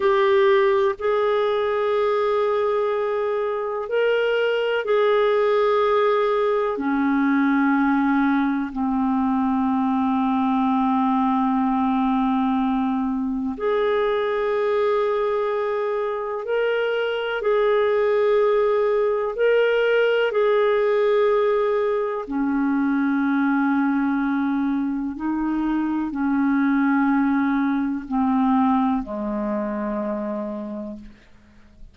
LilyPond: \new Staff \with { instrumentName = "clarinet" } { \time 4/4 \tempo 4 = 62 g'4 gis'2. | ais'4 gis'2 cis'4~ | cis'4 c'2.~ | c'2 gis'2~ |
gis'4 ais'4 gis'2 | ais'4 gis'2 cis'4~ | cis'2 dis'4 cis'4~ | cis'4 c'4 gis2 | }